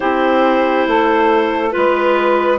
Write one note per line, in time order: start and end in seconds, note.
0.00 0.87 C4
0.00 1.71 E4
0.00 0.87 G4
0.00 1.71 C5
0.87 1.74 A3
0.87 1.74 A4
1.71 2.58 G#3
1.71 2.58 F4
1.71 2.58 B4